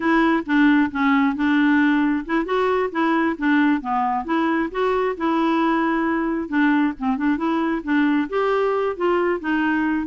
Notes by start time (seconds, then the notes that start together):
0.00 E4
0.46 D4
0.91 C#4
1.35 D4
2.25 E4
2.45 F#4
2.91 E4
3.38 D4
3.81 B3
4.24 E4
4.71 F#4
5.17 E4
6.48 D4
6.98 C4
7.17 D4
7.37 E4
7.83 D4
8.29 G4
8.96 F4
9.40 D#4